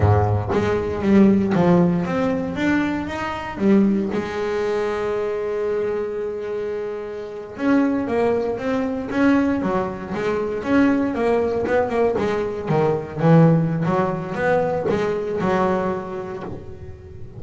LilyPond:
\new Staff \with { instrumentName = "double bass" } { \time 4/4 \tempo 4 = 117 gis,4 gis4 g4 f4 | c'4 d'4 dis'4 g4 | gis1~ | gis2~ gis8. cis'4 ais16~ |
ais8. c'4 cis'4 fis4 gis16~ | gis8. cis'4 ais4 b8 ais8 gis16~ | gis8. dis4 e4~ e16 fis4 | b4 gis4 fis2 | }